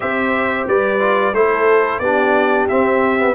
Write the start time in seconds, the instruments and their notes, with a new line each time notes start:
0.00 tuba C4, trombone G4, horn C5, trumpet E5
0.67 tuba G3, horn B4, trumpet D5
0.99 trombone F4
1.32 tuba A3, trombone E4, horn A4, trumpet C5
1.99 tuba B3, trombone D4, horn G4, trumpet D5
2.68 trombone C4, tuba C4, trumpet E5
3.18 trombone B3